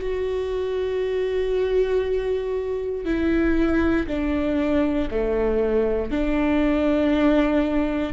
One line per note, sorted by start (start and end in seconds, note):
0.00 3.05 F#4
3.05 4.06 E4
4.07 5.08 D4
5.10 6.11 A3
6.11 8.13 D4